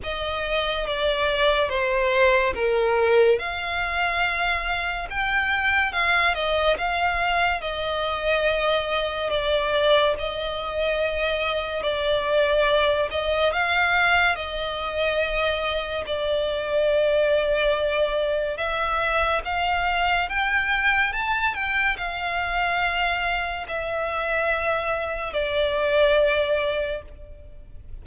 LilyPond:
\new Staff \with { instrumentName = "violin" } { \time 4/4 \tempo 4 = 71 dis''4 d''4 c''4 ais'4 | f''2 g''4 f''8 dis''8 | f''4 dis''2 d''4 | dis''2 d''4. dis''8 |
f''4 dis''2 d''4~ | d''2 e''4 f''4 | g''4 a''8 g''8 f''2 | e''2 d''2 | }